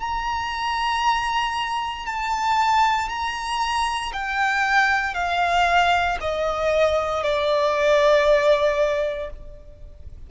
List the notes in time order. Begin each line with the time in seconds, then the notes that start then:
0.00 A#5
2.06 A5
3.09 A#5
4.13 G5
5.14 F5
6.21 D#5
7.23 D5